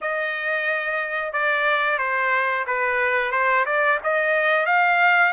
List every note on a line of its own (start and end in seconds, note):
0.01 1.32 D#5
1.32 1.98 D5
1.98 2.65 C5
2.66 3.32 B4
3.32 3.65 C5
3.65 3.98 D5
4.03 4.65 D#5
4.65 5.32 F5